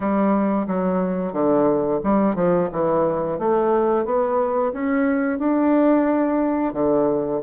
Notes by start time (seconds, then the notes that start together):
0.00 G3
0.67 F#3
1.32 D3
2.03 G3
2.35 F3
2.72 E3
3.39 A3
4.05 B3
4.73 C#4
5.38 D4
6.73 D3